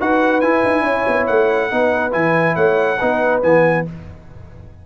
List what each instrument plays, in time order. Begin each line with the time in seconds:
0.00 tuba D#4, trombone F#4, horn B4, trumpet F#5
0.41 tuba E4, trombone E4, trumpet G#5
0.64 tuba D#4
0.83 tuba C#4, horn C#5
1.08 tuba B3
1.27 tuba A3, trumpet F#5
1.71 tuba B3, trombone D#4, horn B4
2.11 tuba E3, trombone E4, trumpet G#5
2.55 tuba A3, horn C#5, trumpet F#5
2.98 tuba B3, trombone D#4, horn B4
3.43 tuba E3, trombone B3, trumpet G#5